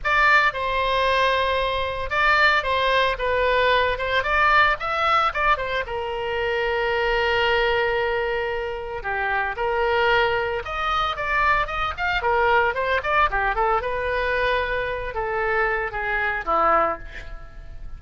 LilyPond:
\new Staff \with { instrumentName = "oboe" } { \time 4/4 \tempo 4 = 113 d''4 c''2. | d''4 c''4 b'4. c''8 | d''4 e''4 d''8 c''8 ais'4~ | ais'1~ |
ais'4 g'4 ais'2 | dis''4 d''4 dis''8 f''8 ais'4 | c''8 d''8 g'8 a'8 b'2~ | b'8 a'4. gis'4 e'4 | }